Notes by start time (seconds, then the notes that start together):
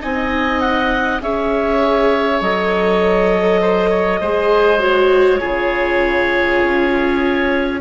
0.00 C4 D#4 D#5 G#5
0.60 F#5
1.21 C#4 G#4 C#5 E5
2.41 F#3 A4 D#5
3.61 C5
3.90 C#5
4.21 G#3 G#4 C5
4.79 F#4 C#5
5.40 C#3 F4 G#4
6.63 C#4